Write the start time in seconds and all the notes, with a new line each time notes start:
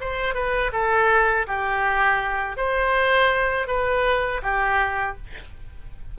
0.00 C5
0.34 B4
0.72 A4
1.47 G4
2.57 C5
3.67 B4
4.42 G4